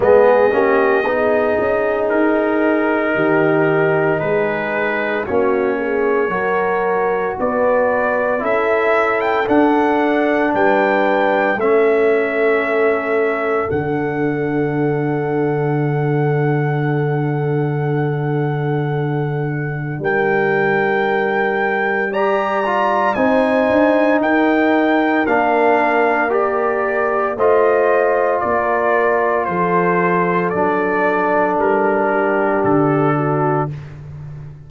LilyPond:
<<
  \new Staff \with { instrumentName = "trumpet" } { \time 4/4 \tempo 4 = 57 dis''2 ais'2 | b'4 cis''2 d''4 | e''8. g''16 fis''4 g''4 e''4~ | e''4 fis''2.~ |
fis''2. g''4~ | g''4 ais''4 gis''4 g''4 | f''4 d''4 dis''4 d''4 | c''4 d''4 ais'4 a'4 | }
  \new Staff \with { instrumentName = "horn" } { \time 4/4 gis'8 g'8 gis'2 g'4 | gis'4 fis'8 gis'8 ais'4 b'4 | a'2 b'4 a'4~ | a'1~ |
a'2. ais'4~ | ais'4 d''4 c''4 ais'4~ | ais'2 c''4 ais'4 | a'2~ a'8 g'4 fis'8 | }
  \new Staff \with { instrumentName = "trombone" } { \time 4/4 b8 cis'8 dis'2.~ | dis'4 cis'4 fis'2 | e'4 d'2 cis'4~ | cis'4 d'2.~ |
d'1~ | d'4 g'8 f'8 dis'2 | d'4 g'4 f'2~ | f'4 d'2. | }
  \new Staff \with { instrumentName = "tuba" } { \time 4/4 gis8 ais8 b8 cis'8 dis'4 dis4 | gis4 ais4 fis4 b4 | cis'4 d'4 g4 a4~ | a4 d2.~ |
d2. g4~ | g2 c'8 d'8 dis'4 | ais2 a4 ais4 | f4 fis4 g4 d4 | }
>>